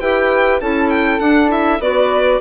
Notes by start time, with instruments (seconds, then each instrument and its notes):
0.00 bassoon E4, clarinet G4, flute B4, violin G5
0.60 bassoon C#4, clarinet E4, flute A4, violin A5
0.90 violin G5
1.19 clarinet D4, bassoon D4, violin F#5
1.48 clarinet E4, violin E5
1.79 bassoon B3, clarinet F#4, flute B4, violin D5